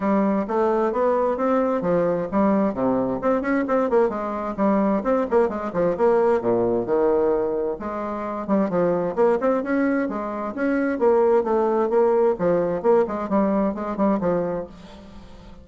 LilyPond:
\new Staff \with { instrumentName = "bassoon" } { \time 4/4 \tempo 4 = 131 g4 a4 b4 c'4 | f4 g4 c4 c'8 cis'8 | c'8 ais8 gis4 g4 c'8 ais8 | gis8 f8 ais4 ais,4 dis4~ |
dis4 gis4. g8 f4 | ais8 c'8 cis'4 gis4 cis'4 | ais4 a4 ais4 f4 | ais8 gis8 g4 gis8 g8 f4 | }